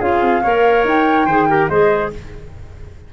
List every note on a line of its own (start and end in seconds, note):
0.00 0.21 C#4
0.00 0.43 F4
0.00 0.42 G#4
0.00 0.86 F5
0.21 0.43 C4
0.43 0.85 A#3
0.43 1.29 A#4
0.43 1.27 C#5
0.85 1.26 D#4
0.85 1.68 G5
1.26 1.68 D#3
1.26 1.49 G#4
1.26 1.48 C5
1.49 1.70 G4
1.49 1.70 A#4
1.68 2.12 G#3
1.68 2.13 G#4
1.68 2.12 C5
1.68 2.11 D#5